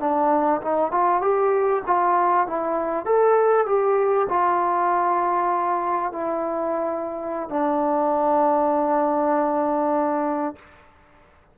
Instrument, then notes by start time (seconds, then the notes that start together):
trombone
0.00 D4
0.62 D#4
0.92 F4
1.21 G4
1.87 F4
2.47 E4
3.05 A4
3.66 G4
4.29 F4
6.12 E4
7.49 D4